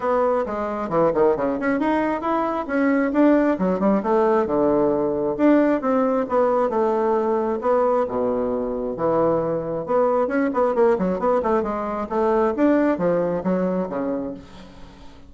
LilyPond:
\new Staff \with { instrumentName = "bassoon" } { \time 4/4 \tempo 4 = 134 b4 gis4 e8 dis8 cis8 cis'8 | dis'4 e'4 cis'4 d'4 | fis8 g8 a4 d2 | d'4 c'4 b4 a4~ |
a4 b4 b,2 | e2 b4 cis'8 b8 | ais8 fis8 b8 a8 gis4 a4 | d'4 f4 fis4 cis4 | }